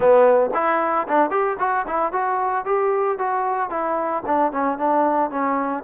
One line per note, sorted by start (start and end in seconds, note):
0.00 0.50 B3
0.54 1.07 E4
1.08 1.30 D4
1.30 1.56 G4
1.59 1.86 F#4
1.87 2.12 E4
2.12 2.65 F#4
2.65 3.18 G4
3.18 3.70 F#4
3.70 4.23 E4
4.26 4.51 D4
4.51 4.78 C#4
4.78 5.30 D4
5.30 5.83 C#4